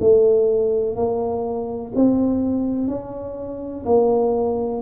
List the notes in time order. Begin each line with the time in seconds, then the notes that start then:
0.00 A3
0.95 A#3
1.95 C4
2.88 C#4
3.85 A#3